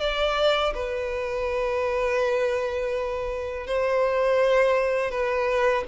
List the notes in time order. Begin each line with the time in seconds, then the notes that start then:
0.00 D5
0.75 B4
3.67 C5
5.11 B4